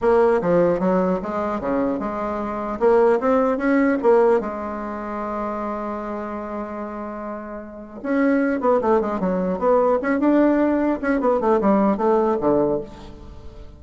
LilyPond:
\new Staff \with { instrumentName = "bassoon" } { \time 4/4 \tempo 4 = 150 ais4 f4 fis4 gis4 | cis4 gis2 ais4 | c'4 cis'4 ais4 gis4~ | gis1~ |
gis1 | cis'4. b8 a8 gis8 fis4 | b4 cis'8 d'2 cis'8 | b8 a8 g4 a4 d4 | }